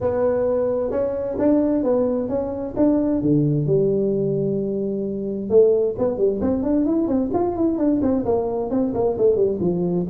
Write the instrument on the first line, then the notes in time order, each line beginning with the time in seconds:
tuba
0.01 B3
0.90 C#4
1.38 D4
1.83 B3
2.28 C#4
2.76 D4
3.21 D3
3.66 G3
5.49 A3
5.98 B3
6.17 G3
6.41 C4
6.62 D4
6.85 E4
7.07 C4
7.33 F4
7.56 E4
7.78 D4
8.02 C4
8.25 A#3
8.70 C4
8.94 A#3
9.17 A3
9.36 G3
9.60 F3